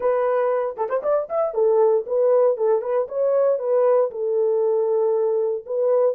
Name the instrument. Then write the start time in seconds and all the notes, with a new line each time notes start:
horn
0.00 B4
0.76 A4
0.89 C5
1.03 D5
1.29 E5
1.54 A4
2.06 B4
2.57 A4
2.81 B4
3.08 C#5
3.59 B4
4.10 A4
5.65 B4